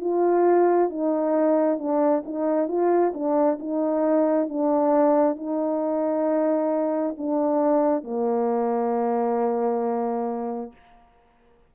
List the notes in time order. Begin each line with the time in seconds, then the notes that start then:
0.00 F4
0.90 D#4
1.78 D4
2.25 D#4
2.68 F4
3.13 D4
3.59 D#4
4.49 D4
5.36 D#4
7.17 D4
8.03 A#3